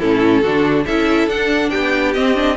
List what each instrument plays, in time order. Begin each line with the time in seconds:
0.00 cello A2, viola C#4, violin E4 A4
0.43 cello D3, viola D4, violin F#4
0.86 cello C#4, viola E4, violin A4 E5
1.28 cello D4, viola D4, violin F#5
1.70 cello B3, violin G4 G5
2.14 viola C4, cello C4, violin D#5
2.35 viola D4